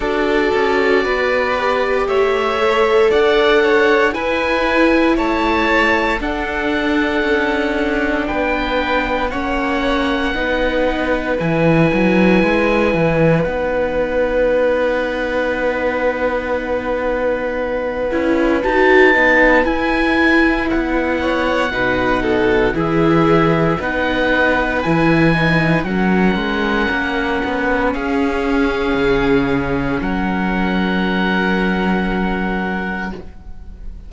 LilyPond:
<<
  \new Staff \with { instrumentName = "oboe" } { \time 4/4 \tempo 4 = 58 d''2 e''4 fis''4 | gis''4 a''4 fis''2 | g''4 fis''2 gis''4~ | gis''4 fis''2.~ |
fis''2 a''4 gis''4 | fis''2 e''4 fis''4 | gis''4 fis''2 f''4~ | f''4 fis''2. | }
  \new Staff \with { instrumentName = "violin" } { \time 4/4 a'4 b'4 cis''4 d''8 cis''8 | b'4 cis''4 a'2 | b'4 cis''4 b'2~ | b'1~ |
b'1~ | b'8 cis''8 b'8 a'8 gis'4 b'4~ | b'4 ais'2 gis'4~ | gis'4 ais'2. | }
  \new Staff \with { instrumentName = "viola" } { \time 4/4 fis'4. g'4 a'4. | e'2 d'2~ | d'4 cis'4 dis'4 e'4~ | e'4 dis'2.~ |
dis'4. e'8 fis'8 dis'8 e'4~ | e'4 dis'4 e'4 dis'4 | e'8 dis'8 cis'2.~ | cis'1 | }
  \new Staff \with { instrumentName = "cello" } { \time 4/4 d'8 cis'8 b4 a4 d'4 | e'4 a4 d'4 cis'4 | b4 ais4 b4 e8 fis8 | gis8 e8 b2.~ |
b4. cis'8 dis'8 b8 e'4 | b4 b,4 e4 b4 | e4 fis8 gis8 ais8 b8 cis'4 | cis4 fis2. | }
>>